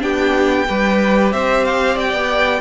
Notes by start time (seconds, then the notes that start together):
0.00 B3 D4 G4 G5
0.68 G3 G4 B4
1.32 C4 C5 E5
1.65 F5
1.95 D5 G5
2.13 B3